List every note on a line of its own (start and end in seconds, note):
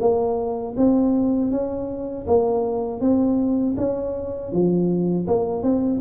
0.00 0.75 A#3
0.77 1.51 C4
1.51 2.26 C#4
2.27 3.01 A#3
3.01 3.76 C4
3.77 4.52 C#4
4.52 5.27 F3
5.27 5.62 A#3
5.62 6.00 C4